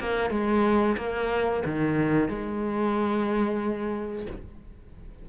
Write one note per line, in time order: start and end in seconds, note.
0.00 0.31 A#3
0.31 0.97 G#3
0.97 1.63 A#3
1.66 2.29 D#3
2.29 4.27 G#3